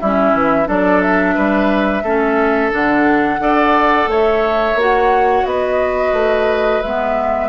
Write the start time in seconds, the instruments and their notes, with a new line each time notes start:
0.00 bassoon G3, clarinet C#4, oboe E4, flute E5
0.33 bassoon E3
0.66 bassoon F#3, clarinet D4, oboe A4, flute D5
1.01 flute E5
1.35 bassoon G3, oboe B4
2.03 bassoon A3, clarinet C#4, oboe A4
2.71 bassoon D3, clarinet D4, flute F#5
3.39 bassoon D4, clarinet A4, oboe D5
4.07 bassoon A3, oboe C#5, flute E5
4.75 bassoon A#3, clarinet F#4, flute F#5
5.45 bassoon B3, oboe B4, flute D#5
6.13 bassoon A3
6.82 bassoon G#3, clarinet B3, flute E5